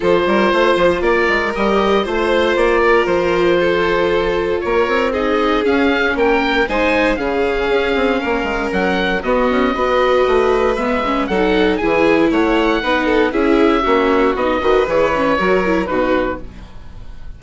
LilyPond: <<
  \new Staff \with { instrumentName = "oboe" } { \time 4/4 \tempo 4 = 117 c''2 d''4 dis''4 | c''4 d''4 c''2~ | c''4 cis''4 dis''4 f''4 | g''4 gis''4 f''2~ |
f''4 fis''4 dis''2~ | dis''4 e''4 fis''4 gis''4 | fis''2 e''2 | dis''4 cis''2 b'4 | }
  \new Staff \with { instrumentName = "violin" } { \time 4/4 a'8 ais'8 c''4 ais'2 | c''4. ais'4. a'4~ | a'4 ais'4 gis'2 | ais'4 c''4 gis'2 |
ais'2 fis'4 b'4~ | b'2 a'4 gis'4 | cis''4 b'8 a'8 gis'4 fis'4~ | fis'8 b'4. ais'4 fis'4 | }
  \new Staff \with { instrumentName = "viola" } { \time 4/4 f'2. g'4 | f'1~ | f'2 dis'4 cis'4~ | cis'4 dis'4 cis'2~ |
cis'2 b4 fis'4~ | fis'4 b8 cis'8 dis'4 e'4~ | e'4 dis'4 e'4 cis'4 | dis'8 fis'8 gis'8 cis'8 fis'8 e'8 dis'4 | }
  \new Staff \with { instrumentName = "bassoon" } { \time 4/4 f8 g8 a8 f8 ais8 gis8 g4 | a4 ais4 f2~ | f4 ais8 c'4. cis'4 | ais4 gis4 cis4 cis'8 c'8 |
ais8 gis8 fis4 b8 cis'8 b4 | a4 gis4 fis4 e4 | a4 b4 cis'4 ais4 | b8 dis8 e4 fis4 b,4 | }
>>